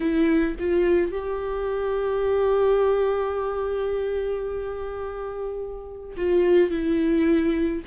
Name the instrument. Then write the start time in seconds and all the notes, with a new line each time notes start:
viola
0.00 E4
0.59 F4
1.11 G4
6.16 F4
6.70 E4